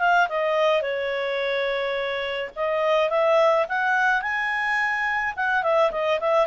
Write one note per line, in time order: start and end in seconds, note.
0.00 0.28 F5
0.29 0.82 D#5
0.82 2.50 C#5
2.56 3.10 D#5
3.10 3.66 E5
3.69 4.22 F#5
4.22 5.34 G#5
5.37 5.63 F#5
5.63 5.91 E5
5.92 6.20 D#5
6.20 6.47 E5